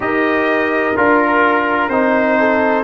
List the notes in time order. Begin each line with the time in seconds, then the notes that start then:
0.00 D#4 G4 A#4 D#5
0.96 D4 F4 A#4
1.88 C4 D#4 C5
2.39 A4